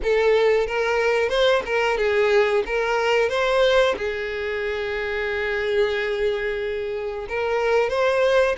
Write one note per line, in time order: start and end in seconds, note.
0.02 0.66 A4
0.66 1.29 A#4
1.29 1.62 C5
1.65 1.98 A#4
1.98 2.63 G#4
2.66 3.29 A#4
3.29 3.95 C5
3.97 7.26 G#4
7.29 7.89 A#4
7.89 8.55 C5